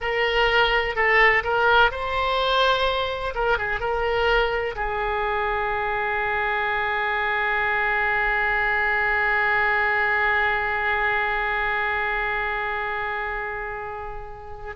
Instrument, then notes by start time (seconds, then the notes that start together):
oboe
0.00 A#4
0.95 A4
1.43 A#4
1.91 C5
3.35 A#4
3.58 G#4
3.80 A#4
4.75 G#4